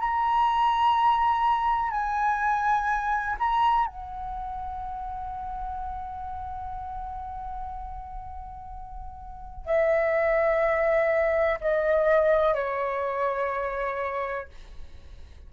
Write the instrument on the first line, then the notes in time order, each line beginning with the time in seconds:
flute
0.00 A#5
1.91 G#5
3.40 A#5
3.87 F#5
9.66 E5
11.61 D#5
12.55 C#5